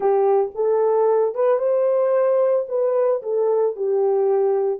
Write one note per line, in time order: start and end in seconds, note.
0.00 0.50 G4
0.55 1.34 A4
1.34 1.59 B4
1.59 2.66 C5
2.68 3.21 B4
3.22 3.76 A4
3.76 4.79 G4